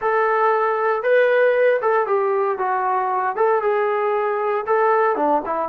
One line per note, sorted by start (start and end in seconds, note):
0.01 1.03 A4
1.03 1.80 B4
1.81 2.06 A4
2.06 2.58 G4
2.58 3.36 F#4
3.36 3.61 A4
3.61 4.65 G#4
4.66 5.16 A4
5.16 5.41 D4
5.45 5.68 E4